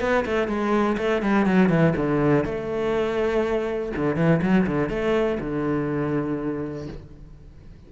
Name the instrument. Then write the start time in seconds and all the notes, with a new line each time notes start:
cello
0.00 B3
0.25 A3
0.47 G#3
0.97 A3
1.22 G3
1.46 F#3
1.69 E3
1.96 D3
2.45 A3
3.96 D3
4.16 E3
4.42 F#3
4.67 D3
4.89 A3
5.40 D3